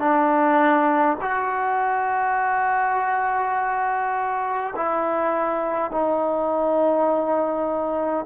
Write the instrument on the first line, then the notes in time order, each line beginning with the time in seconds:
trombone
0.00 D4
1.21 F#4
4.76 E4
5.91 D#4